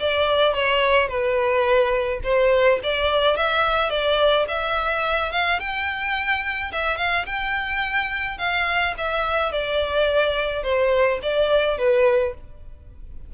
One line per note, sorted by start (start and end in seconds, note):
0.00 0.55 D5
0.55 1.08 C#5
1.08 2.20 B4
2.24 2.80 C5
2.83 3.37 D5
3.37 3.90 E5
3.90 4.46 D5
4.48 5.32 E5
5.32 5.60 F5
5.60 6.72 G5
6.72 6.98 E5
6.98 7.26 F5
7.26 8.39 G5
8.39 8.95 F5
8.98 9.52 E5
9.52 10.64 D5
10.64 11.20 C5
11.23 11.79 D5
11.79 12.35 B4